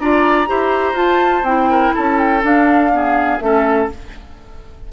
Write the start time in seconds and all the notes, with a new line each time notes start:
0.00 D4 F4 D5 A#5
0.47 E4 G4 C5
0.94 F4 A5
1.43 C4 E4 G5
1.71 A#4
1.94 C#4 A4 A5
2.19 G5
2.42 D4 F5
2.92 B3 G#4
3.40 A3 C#4 A4 E5